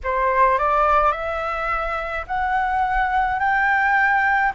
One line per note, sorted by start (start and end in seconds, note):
0.03 0.58 C5
0.58 1.12 D5
1.12 2.25 E5
2.27 3.39 F#5
3.39 4.52 G5